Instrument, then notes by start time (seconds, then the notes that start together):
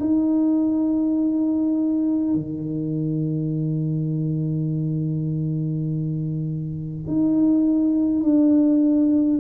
tuba
0.00 D#4
2.35 D#3
7.07 D#4
8.23 D4